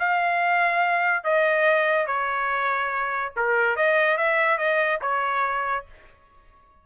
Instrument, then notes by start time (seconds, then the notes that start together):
trumpet
0.00 F5
1.24 D#5
2.07 C#5
3.37 A#4
3.76 D#5
4.18 E5
4.58 D#5
5.02 C#5